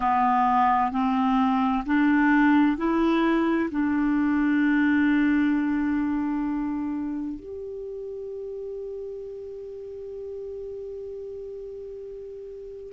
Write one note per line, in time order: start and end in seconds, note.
0.00 0.91 B3
0.91 1.84 C4
1.86 2.77 D4
2.77 3.69 E4
3.70 7.39 D4
7.39 12.92 G4